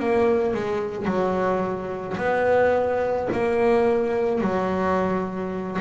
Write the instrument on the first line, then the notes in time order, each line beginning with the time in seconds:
double bass
0.00 A#3
0.55 G#3
1.06 F#3
2.18 B3
3.33 A#3
4.41 F#3